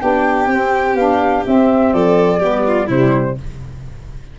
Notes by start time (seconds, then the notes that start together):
0.00 B3 D4 G4 G5
0.47 C4
0.95 B3 D4 F5
1.45 C4 E5
1.93 F3 A4 D5
2.39 G3 B3 G4
2.67 F4
2.86 C3 G3 E4 C5